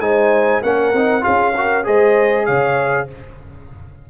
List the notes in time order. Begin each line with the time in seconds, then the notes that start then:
0.00 G#3 D#4 C5 G#5
0.62 A#3 C#4 A#4 F#5
0.94 C4 D#4
1.22 C#4 F4 G#4 F5
1.56 F#4 A#4
1.84 G#3 G#4 C5 D#5
2.46 C#3 C#5 F5